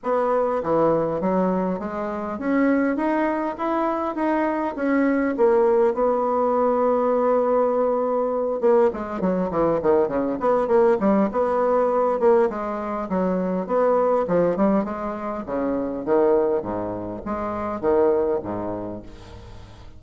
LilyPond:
\new Staff \with { instrumentName = "bassoon" } { \time 4/4 \tempo 4 = 101 b4 e4 fis4 gis4 | cis'4 dis'4 e'4 dis'4 | cis'4 ais4 b2~ | b2~ b8 ais8 gis8 fis8 |
e8 dis8 cis8 b8 ais8 g8 b4~ | b8 ais8 gis4 fis4 b4 | f8 g8 gis4 cis4 dis4 | gis,4 gis4 dis4 gis,4 | }